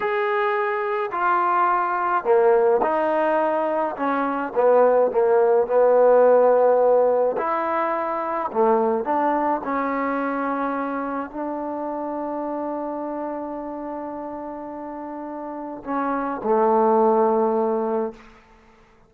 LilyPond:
\new Staff \with { instrumentName = "trombone" } { \time 4/4 \tempo 4 = 106 gis'2 f'2 | ais4 dis'2 cis'4 | b4 ais4 b2~ | b4 e'2 a4 |
d'4 cis'2. | d'1~ | d'1 | cis'4 a2. | }